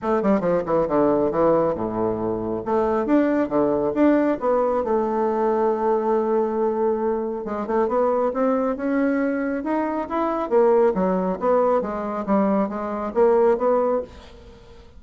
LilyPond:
\new Staff \with { instrumentName = "bassoon" } { \time 4/4 \tempo 4 = 137 a8 g8 f8 e8 d4 e4 | a,2 a4 d'4 | d4 d'4 b4 a4~ | a1~ |
a4 gis8 a8 b4 c'4 | cis'2 dis'4 e'4 | ais4 fis4 b4 gis4 | g4 gis4 ais4 b4 | }